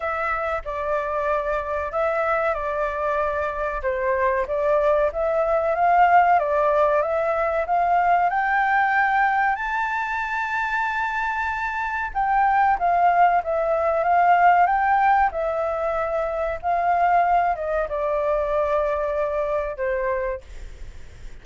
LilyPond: \new Staff \with { instrumentName = "flute" } { \time 4/4 \tempo 4 = 94 e''4 d''2 e''4 | d''2 c''4 d''4 | e''4 f''4 d''4 e''4 | f''4 g''2 a''4~ |
a''2. g''4 | f''4 e''4 f''4 g''4 | e''2 f''4. dis''8 | d''2. c''4 | }